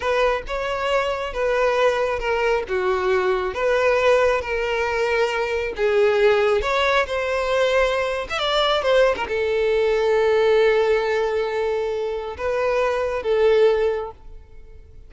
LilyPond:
\new Staff \with { instrumentName = "violin" } { \time 4/4 \tempo 4 = 136 b'4 cis''2 b'4~ | b'4 ais'4 fis'2 | b'2 ais'2~ | ais'4 gis'2 cis''4 |
c''2~ c''8. e''16 d''4 | c''8. ais'16 a'2.~ | a'1 | b'2 a'2 | }